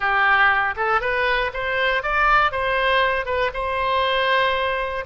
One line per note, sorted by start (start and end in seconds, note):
0.00 0.74 G4
0.76 1.01 A4
1.01 1.51 B4
1.53 2.02 C5
2.02 2.51 D5
2.51 3.25 C5
3.25 3.50 B4
3.53 5.04 C5